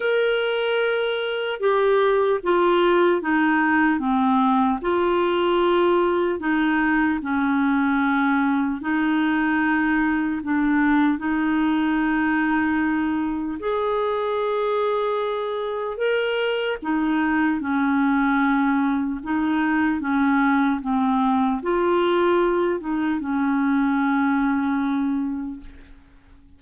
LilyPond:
\new Staff \with { instrumentName = "clarinet" } { \time 4/4 \tempo 4 = 75 ais'2 g'4 f'4 | dis'4 c'4 f'2 | dis'4 cis'2 dis'4~ | dis'4 d'4 dis'2~ |
dis'4 gis'2. | ais'4 dis'4 cis'2 | dis'4 cis'4 c'4 f'4~ | f'8 dis'8 cis'2. | }